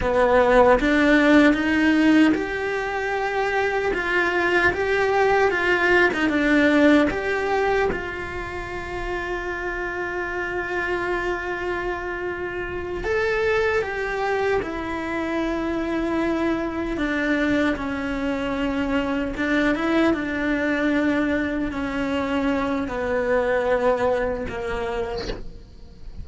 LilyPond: \new Staff \with { instrumentName = "cello" } { \time 4/4 \tempo 4 = 76 b4 d'4 dis'4 g'4~ | g'4 f'4 g'4 f'8. dis'16 | d'4 g'4 f'2~ | f'1~ |
f'8 a'4 g'4 e'4.~ | e'4. d'4 cis'4.~ | cis'8 d'8 e'8 d'2 cis'8~ | cis'4 b2 ais4 | }